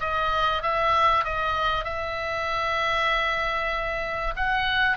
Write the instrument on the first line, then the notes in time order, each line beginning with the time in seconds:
oboe
0.00 D#5
0.62 E5
1.24 D#5
1.84 E5
4.36 F#5